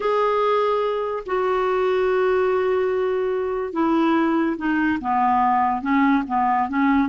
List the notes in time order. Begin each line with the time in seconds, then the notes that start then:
0.00 G#4
1.25 F#4
3.73 E4
4.57 D#4
5.00 B3
5.81 C#4
6.27 B3
6.68 C#4